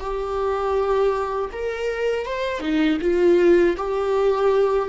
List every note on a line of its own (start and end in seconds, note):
0.00 1.50 G4
1.52 2.26 A#4
2.26 2.60 C5
2.60 2.98 D#4
3.01 3.76 F4
3.77 4.89 G4